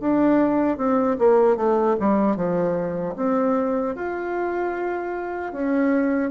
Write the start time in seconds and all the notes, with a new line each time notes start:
0.00 D4
0.77 C4
1.18 A#3
1.56 A3
2.00 G3
2.36 F3
3.16 C4
3.95 F4
5.52 C#4